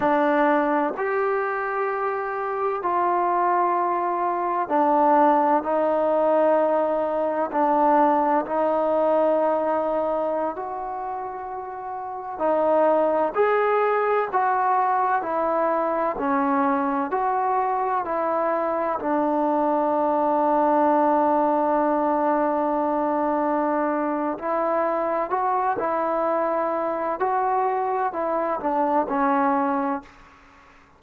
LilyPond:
\new Staff \with { instrumentName = "trombone" } { \time 4/4 \tempo 4 = 64 d'4 g'2 f'4~ | f'4 d'4 dis'2 | d'4 dis'2~ dis'16 fis'8.~ | fis'4~ fis'16 dis'4 gis'4 fis'8.~ |
fis'16 e'4 cis'4 fis'4 e'8.~ | e'16 d'2.~ d'8.~ | d'2 e'4 fis'8 e'8~ | e'4 fis'4 e'8 d'8 cis'4 | }